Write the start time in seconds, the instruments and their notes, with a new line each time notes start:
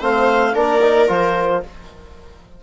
0.00 bassoon A3, trombone C4, viola C5, clarinet F5
0.54 bassoon A#3, trombone D4, viola A#4, clarinet D5
0.82 trombone D#4
1.09 bassoon F3, trombone F4, clarinet C5